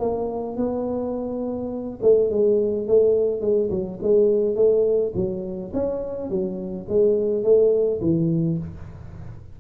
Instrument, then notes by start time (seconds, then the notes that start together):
tuba
0.00 A#3
0.57 B3
2.03 A3
2.31 G#3
2.88 A3
3.42 G#3
3.71 F#3
4.03 G#3
4.56 A3
5.15 F#3
5.74 C#4
6.30 F#3
6.89 G#3
7.44 A3
8.01 E3